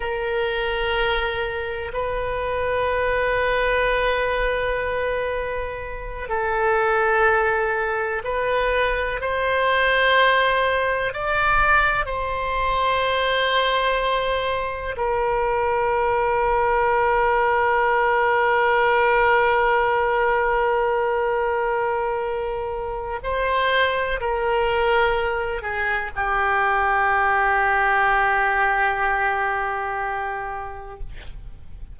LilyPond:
\new Staff \with { instrumentName = "oboe" } { \time 4/4 \tempo 4 = 62 ais'2 b'2~ | b'2~ b'8 a'4.~ | a'8 b'4 c''2 d''8~ | d''8 c''2. ais'8~ |
ais'1~ | ais'1 | c''4 ais'4. gis'8 g'4~ | g'1 | }